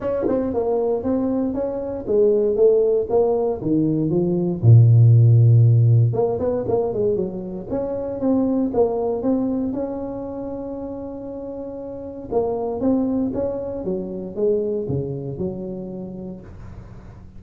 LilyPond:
\new Staff \with { instrumentName = "tuba" } { \time 4/4 \tempo 4 = 117 cis'8 c'8 ais4 c'4 cis'4 | gis4 a4 ais4 dis4 | f4 ais,2. | ais8 b8 ais8 gis8 fis4 cis'4 |
c'4 ais4 c'4 cis'4~ | cis'1 | ais4 c'4 cis'4 fis4 | gis4 cis4 fis2 | }